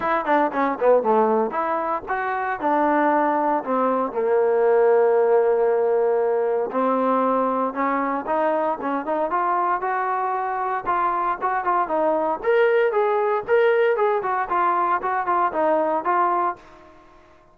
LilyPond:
\new Staff \with { instrumentName = "trombone" } { \time 4/4 \tempo 4 = 116 e'8 d'8 cis'8 b8 a4 e'4 | fis'4 d'2 c'4 | ais1~ | ais4 c'2 cis'4 |
dis'4 cis'8 dis'8 f'4 fis'4~ | fis'4 f'4 fis'8 f'8 dis'4 | ais'4 gis'4 ais'4 gis'8 fis'8 | f'4 fis'8 f'8 dis'4 f'4 | }